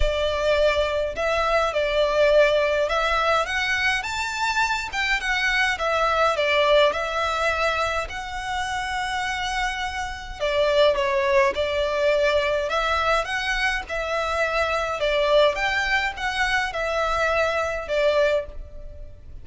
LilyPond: \new Staff \with { instrumentName = "violin" } { \time 4/4 \tempo 4 = 104 d''2 e''4 d''4~ | d''4 e''4 fis''4 a''4~ | a''8 g''8 fis''4 e''4 d''4 | e''2 fis''2~ |
fis''2 d''4 cis''4 | d''2 e''4 fis''4 | e''2 d''4 g''4 | fis''4 e''2 d''4 | }